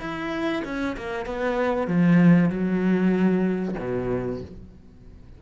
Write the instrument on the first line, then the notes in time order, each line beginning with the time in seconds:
cello
0.00 E4
0.65 C#4
0.97 A#3
1.26 B3
1.88 F3
2.50 F#3
3.80 B2